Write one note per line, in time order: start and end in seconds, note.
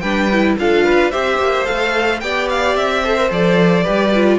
0.00 0.57 G3
0.00 0.31 D4
0.00 0.57 B4
0.00 0.55 G5
0.33 0.59 E4
0.59 1.13 D4
0.59 1.12 F4
0.59 0.85 A4
0.59 1.12 F5
0.85 1.12 B4
1.12 1.39 C4
1.12 1.65 G4
1.12 2.21 C5
1.12 1.66 E5
1.39 1.66 A#3
1.65 2.22 A3
1.65 2.20 A4
1.65 2.20 F5
2.20 2.76 B3
2.20 3.05 G4
2.20 3.03 D5
2.20 2.48 G5
2.50 2.76 F5
2.76 3.30 C4
2.76 3.31 E5
3.03 3.18 A4
3.03 3.84 C5
3.18 3.29 A#4
3.29 3.85 F3
3.29 3.84 A4
3.29 4.39 D5
3.84 4.39 G3
3.84 4.11 G4
3.84 4.38 B4
4.15 4.39 F4